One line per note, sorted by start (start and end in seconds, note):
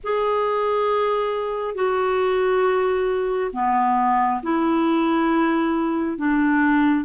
0.03 1.74 G#4
1.74 3.51 F#4
3.53 4.41 B3
4.42 6.17 E4
6.17 7.04 D4